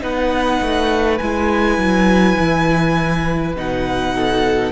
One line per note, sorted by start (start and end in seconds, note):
0.00 0.61 B3
0.00 1.18 D#4
0.00 4.15 B4
0.00 1.18 F#5
0.62 1.21 A3
1.18 1.78 G#3
1.18 3.56 E4
1.18 3.54 G#5
1.78 2.37 F#3
2.39 3.56 E3
3.56 4.73 B2
3.56 4.73 D#4
3.56 4.73 F#5
4.15 4.73 A4